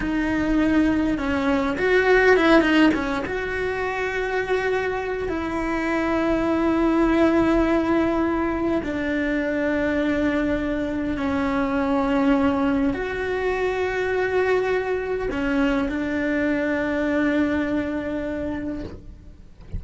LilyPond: \new Staff \with { instrumentName = "cello" } { \time 4/4 \tempo 4 = 102 dis'2 cis'4 fis'4 | e'8 dis'8 cis'8 fis'2~ fis'8~ | fis'4 e'2.~ | e'2. d'4~ |
d'2. cis'4~ | cis'2 fis'2~ | fis'2 cis'4 d'4~ | d'1 | }